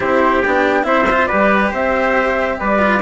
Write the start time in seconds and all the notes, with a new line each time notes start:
0.00 C4 E4 G4 C5
0.42 B3 D4 G5
0.83 C4 E4 C5 E5
1.10 F4
1.26 G3 G4 B4 D5
1.71 C4 C5 E5
2.59 G3 B4 D5
2.79 F4